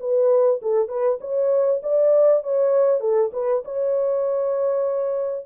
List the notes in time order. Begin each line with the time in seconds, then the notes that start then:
0.00 B4
0.62 A4
0.88 B4
1.21 C#5
1.83 D5
2.43 C#5
3.00 A4
3.33 B4
3.65 C#5